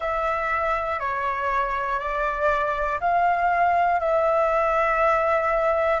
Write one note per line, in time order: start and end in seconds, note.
0.00 0.99 E5
0.99 1.99 C#5
2.00 3.00 D5
3.00 4.00 F5
4.00 6.00 E5